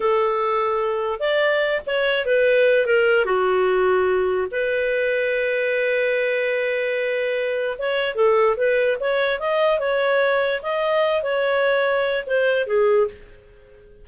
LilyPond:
\new Staff \with { instrumentName = "clarinet" } { \time 4/4 \tempo 4 = 147 a'2. d''4~ | d''8 cis''4 b'4. ais'4 | fis'2. b'4~ | b'1~ |
b'2. cis''4 | a'4 b'4 cis''4 dis''4 | cis''2 dis''4. cis''8~ | cis''2 c''4 gis'4 | }